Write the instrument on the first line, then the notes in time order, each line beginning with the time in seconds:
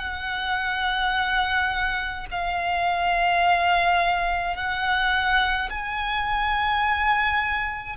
violin
0.00 F#5
2.32 F5
4.56 F#5
5.70 G#5